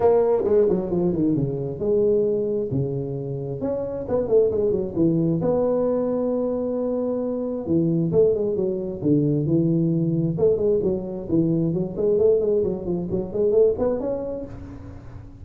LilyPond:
\new Staff \with { instrumentName = "tuba" } { \time 4/4 \tempo 4 = 133 ais4 gis8 fis8 f8 dis8 cis4 | gis2 cis2 | cis'4 b8 a8 gis8 fis8 e4 | b1~ |
b4 e4 a8 gis8 fis4 | d4 e2 a8 gis8 | fis4 e4 fis8 gis8 a8 gis8 | fis8 f8 fis8 gis8 a8 b8 cis'4 | }